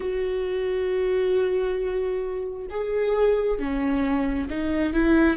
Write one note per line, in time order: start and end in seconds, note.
0.00 2.67 F#4
2.70 3.59 G#4
3.59 4.49 C#4
4.49 4.93 D#4
4.93 5.37 E4